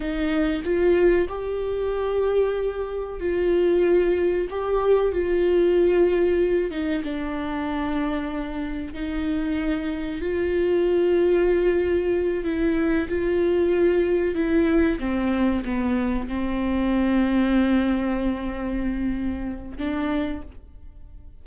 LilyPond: \new Staff \with { instrumentName = "viola" } { \time 4/4 \tempo 4 = 94 dis'4 f'4 g'2~ | g'4 f'2 g'4 | f'2~ f'8 dis'8 d'4~ | d'2 dis'2 |
f'2.~ f'8 e'8~ | e'8 f'2 e'4 c'8~ | c'8 b4 c'2~ c'8~ | c'2. d'4 | }